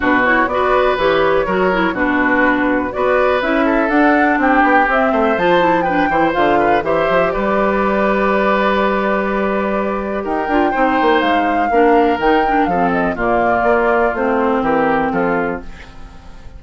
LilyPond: <<
  \new Staff \with { instrumentName = "flute" } { \time 4/4 \tempo 4 = 123 b'8 cis''8 d''4 cis''2 | b'2 d''4 e''4 | fis''4 g''4 e''4 a''4 | g''4 f''4 e''4 d''4~ |
d''1~ | d''4 g''2 f''4~ | f''4 g''4 f''8 dis''8 d''4~ | d''4 c''4 ais'4 a'4 | }
  \new Staff \with { instrumentName = "oboe" } { \time 4/4 fis'4 b'2 ais'4 | fis'2 b'4. a'8~ | a'4 g'4. c''4. | b'8 c''4 b'8 c''4 b'4~ |
b'1~ | b'4 ais'4 c''2 | ais'2 a'4 f'4~ | f'2 g'4 f'4 | }
  \new Staff \with { instrumentName = "clarinet" } { \time 4/4 d'8 e'8 fis'4 g'4 fis'8 e'8 | d'2 fis'4 e'4 | d'2 c'4 f'8 e'8 | d'8 e'8 f'4 g'2~ |
g'1~ | g'4. f'8 dis'2 | d'4 dis'8 d'8 c'4 ais4~ | ais4 c'2. | }
  \new Staff \with { instrumentName = "bassoon" } { \time 4/4 b,4 b4 e4 fis4 | b,2 b4 cis'4 | d'4 c'8 b8 c'8 a8 f4~ | f8 e8 d4 e8 f8 g4~ |
g1~ | g4 dis'8 d'8 c'8 ais8 gis4 | ais4 dis4 f4 ais,4 | ais4 a4 e4 f4 | }
>>